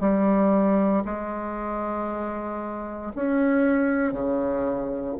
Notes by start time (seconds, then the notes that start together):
0.00 G3
1.05 G#3
3.15 C#4
4.12 C#3